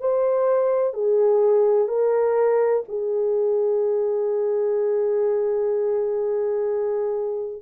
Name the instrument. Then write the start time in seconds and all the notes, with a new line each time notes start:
horn
0.00 C5
0.94 G#4
1.88 A#4
2.88 G#4